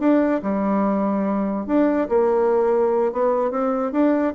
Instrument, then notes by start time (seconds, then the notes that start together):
bassoon
0.00 D4
0.43 G3
1.67 D4
2.09 A#3
3.13 B3
3.51 C4
3.92 D4